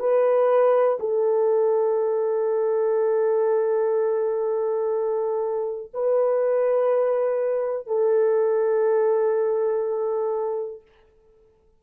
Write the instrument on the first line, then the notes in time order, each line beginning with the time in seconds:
horn
0.00 B4
1.00 A4
5.94 B4
7.87 A4